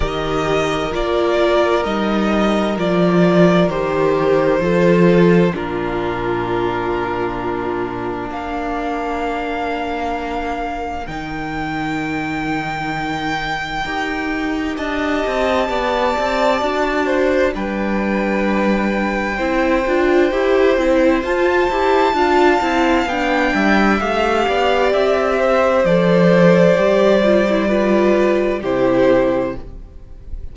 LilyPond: <<
  \new Staff \with { instrumentName = "violin" } { \time 4/4 \tempo 4 = 65 dis''4 d''4 dis''4 d''4 | c''2 ais'2~ | ais'4 f''2. | g''1 |
a''2. g''4~ | g''2. a''4~ | a''4 g''4 f''4 e''4 | d''2. c''4 | }
  \new Staff \with { instrumentName = "violin" } { \time 4/4 ais'1~ | ais'4 a'4 f'2~ | f'4 ais'2.~ | ais'1 |
dis''4 d''4. c''8 b'4~ | b'4 c''2. | f''4. e''4 d''4 c''8~ | c''2 b'4 g'4 | }
  \new Staff \with { instrumentName = "viola" } { \time 4/4 g'4 f'4 dis'4 f'4 | g'4 f'4 d'2~ | d'1 | dis'2. g'4~ |
g'2 fis'4 d'4~ | d'4 e'8 f'8 g'8 e'8 f'8 g'8 | f'8 e'8 d'4 g'2 | a'4 g'8 f'16 e'16 f'4 e'4 | }
  \new Staff \with { instrumentName = "cello" } { \time 4/4 dis4 ais4 g4 f4 | dis4 f4 ais,2~ | ais,4 ais2. | dis2. dis'4 |
d'8 c'8 b8 c'8 d'4 g4~ | g4 c'8 d'8 e'8 c'8 f'8 e'8 | d'8 c'8 b8 g8 a8 b8 c'4 | f4 g2 c4 | }
>>